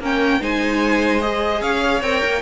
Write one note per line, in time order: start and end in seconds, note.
0.00 0.41 A#3
0.00 0.41 C#4
0.00 0.41 A#4
0.00 0.44 G5
0.41 1.61 G#3
0.41 1.21 D#4
0.41 1.62 C5
0.41 1.21 G#5
1.21 2.03 G#4
1.21 1.62 D#5
1.61 2.02 C#4
1.61 2.42 C#5
1.61 2.02 F5
2.02 2.22 C4
2.02 2.42 A#4
2.02 2.42 G5
2.24 2.42 A#3